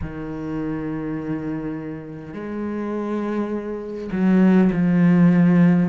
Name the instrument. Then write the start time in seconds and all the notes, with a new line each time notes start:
cello
0.01 D#3
2.33 G#3
4.12 F#3
4.72 F3